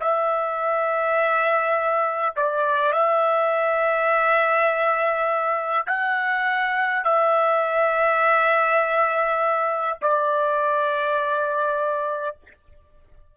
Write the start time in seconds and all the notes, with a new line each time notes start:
0.00 E5
2.36 D5
2.93 E5
5.87 F#5
7.04 E5
10.02 D5